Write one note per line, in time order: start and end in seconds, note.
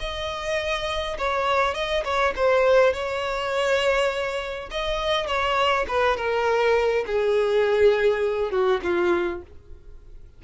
0.00 1.18 D#5
1.18 1.75 C#5
1.75 2.04 D#5
2.05 2.34 C#5
2.37 2.94 C5
2.94 4.70 C#5
4.71 5.27 D#5
5.27 5.86 C#5
5.88 6.17 B4
6.17 7.05 A#4
7.07 8.51 G#4
8.51 8.81 F#4
8.84 9.43 F4